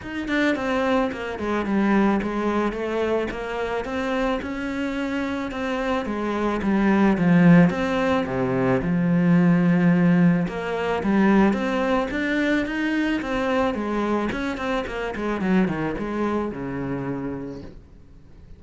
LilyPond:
\new Staff \with { instrumentName = "cello" } { \time 4/4 \tempo 4 = 109 dis'8 d'8 c'4 ais8 gis8 g4 | gis4 a4 ais4 c'4 | cis'2 c'4 gis4 | g4 f4 c'4 c4 |
f2. ais4 | g4 c'4 d'4 dis'4 | c'4 gis4 cis'8 c'8 ais8 gis8 | fis8 dis8 gis4 cis2 | }